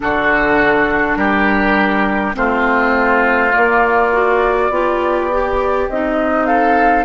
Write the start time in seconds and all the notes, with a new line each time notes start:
0.00 D3 D4 F#4 A4
1.16 G3 G4 A#4
2.34 A3 C4 F4 C5
3.52 A#3 D5
4.12 F#4
4.69 B3 F4 G4
5.32 G4
5.88 C4 D#4 D#5
6.46 A4 F5